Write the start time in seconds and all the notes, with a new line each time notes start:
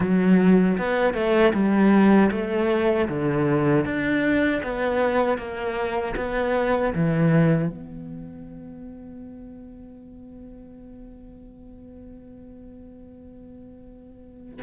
0.00 F#3
0.78 B3
1.14 A3
1.53 G3
2.31 A3
3.08 D3
3.85 D4
4.63 B3
5.38 A#3
6.16 B3
6.94 E3
7.68 B3